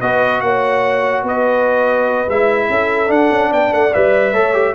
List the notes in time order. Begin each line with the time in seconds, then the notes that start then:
0.00 B3 F#4 B4 D#5
0.41 A#3 C#5 F#5
1.23 B3 B4 D#5
2.28 G#3 E4 E5
2.69 C#4 A4
3.06 D4 F#5
3.31 C#4
3.50 B3 D5 G5
3.72 A3 F#5
3.93 G3 B4 E5
4.32 A3 A4 C#5
4.53 G4